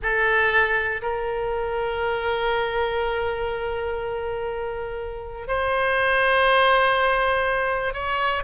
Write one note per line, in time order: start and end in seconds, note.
0.02 1.01 A4
1.02 5.47 A#4
5.47 7.93 C5
7.93 8.43 C#5